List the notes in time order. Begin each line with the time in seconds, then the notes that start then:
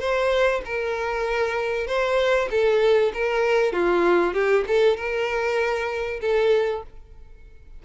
0.00 C5
0.65 A#4
1.87 C5
2.51 A4
3.14 A#4
3.73 F4
4.34 G4
4.68 A4
4.97 A#4
6.22 A4